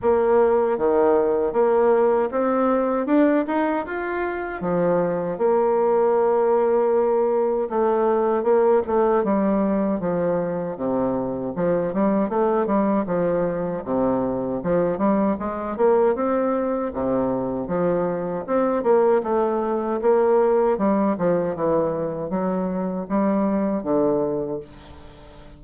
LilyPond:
\new Staff \with { instrumentName = "bassoon" } { \time 4/4 \tempo 4 = 78 ais4 dis4 ais4 c'4 | d'8 dis'8 f'4 f4 ais4~ | ais2 a4 ais8 a8 | g4 f4 c4 f8 g8 |
a8 g8 f4 c4 f8 g8 | gis8 ais8 c'4 c4 f4 | c'8 ais8 a4 ais4 g8 f8 | e4 fis4 g4 d4 | }